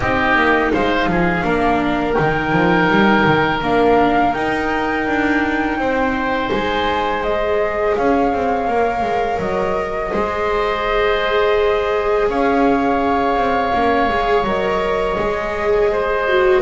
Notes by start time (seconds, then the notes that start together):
0.00 C4 D#4 G4 D#5
0.35 A#3
0.73 G#3 C5 F5
1.06 F3 G#4
1.42 A#3 D4 A#4
2.13 D#3 D#4 G5
2.52 F3
2.88 G3
3.25 D#3
3.61 A#3 D4 F5
4.33 D#4 G5
5.07 D4
5.77 C4 C5
6.51 G#3 G#5
7.22 G#4 D#5
7.95 C#4 C#5 F5
8.33 C4
8.67 A#3 A#4
9.02 G#3
9.39 F#3 D#5
10.10 G#3 G#4 C5
12.28 C#4 C#5 F5
13.36 C4
13.73 A#3 C#4
14.08 G#3 G#4
14.44 F#3 A#4 D#5
15.17 G#3 G#4
15.91 C5
16.27 F#4